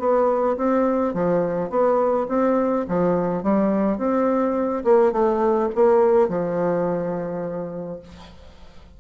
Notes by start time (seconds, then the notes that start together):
0.00 B3
0.58 C4
1.14 F3
1.70 B3
2.29 C4
2.89 F3
3.44 G3
3.98 C4
4.85 A#3
5.13 A3
5.76 A#3
6.29 F3